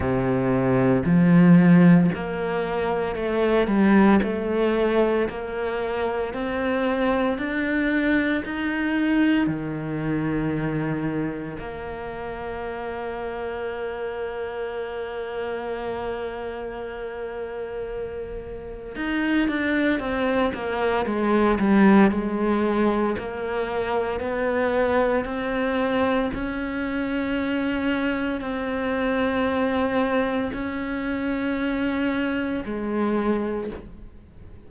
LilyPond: \new Staff \with { instrumentName = "cello" } { \time 4/4 \tempo 4 = 57 c4 f4 ais4 a8 g8 | a4 ais4 c'4 d'4 | dis'4 dis2 ais4~ | ais1~ |
ais2 dis'8 d'8 c'8 ais8 | gis8 g8 gis4 ais4 b4 | c'4 cis'2 c'4~ | c'4 cis'2 gis4 | }